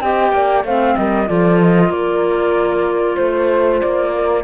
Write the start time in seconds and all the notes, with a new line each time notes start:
0.00 C4 G4 D#5 G5
0.32 A#3 D5
0.63 A3 C4 C5 F5
0.96 G3 A#4 D#5
1.27 F3 F4 A4 D5
1.60 D#5
1.89 A#3 A#4 D5
3.15 A3 C5
3.79 A#3 D5
4.14 A#4